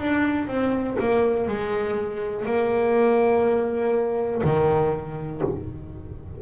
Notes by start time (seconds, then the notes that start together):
0.00 D4
0.47 C4
0.99 A#3
1.48 G#3
2.45 A#3
4.43 D#3